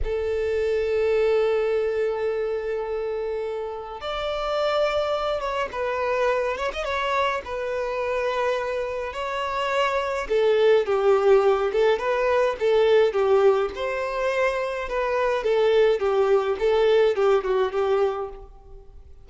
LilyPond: \new Staff \with { instrumentName = "violin" } { \time 4/4 \tempo 4 = 105 a'1~ | a'2. d''4~ | d''4. cis''8 b'4. cis''16 dis''16 | cis''4 b'2. |
cis''2 a'4 g'4~ | g'8 a'8 b'4 a'4 g'4 | c''2 b'4 a'4 | g'4 a'4 g'8 fis'8 g'4 | }